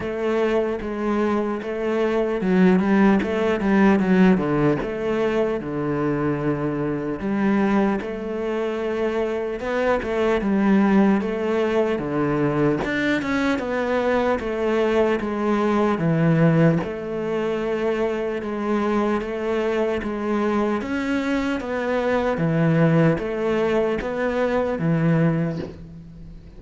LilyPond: \new Staff \with { instrumentName = "cello" } { \time 4/4 \tempo 4 = 75 a4 gis4 a4 fis8 g8 | a8 g8 fis8 d8 a4 d4~ | d4 g4 a2 | b8 a8 g4 a4 d4 |
d'8 cis'8 b4 a4 gis4 | e4 a2 gis4 | a4 gis4 cis'4 b4 | e4 a4 b4 e4 | }